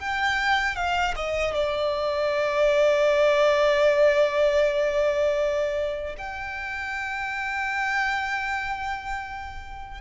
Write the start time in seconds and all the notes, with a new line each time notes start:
0.00 G5
0.77 F5
1.16 D#5
1.55 D5
6.18 G5